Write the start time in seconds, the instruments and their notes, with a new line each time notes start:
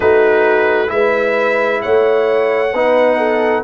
0.00 tuba A3, trombone D#4, horn F#4, trumpet B4
0.87 tuba G#3, trombone E4, horn B4, trumpet E5
1.81 tuba A3, horn C#5, trumpet F#5
2.73 tuba B3, trombone D#4, horn B4
3.17 horn A4